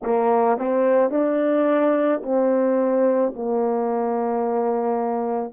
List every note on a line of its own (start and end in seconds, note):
0.02 0.57 A#3
0.57 1.10 C4
1.10 2.21 D4
2.22 3.33 C4
3.35 5.53 A#3